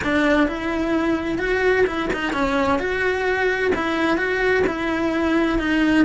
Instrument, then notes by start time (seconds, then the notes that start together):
cello
0.03 D4
0.47 E4
1.38 F#4
1.86 E4
2.13 D#4
2.33 C#4
2.79 F#4
3.75 E4
4.17 F#4
4.67 E4
5.58 D#4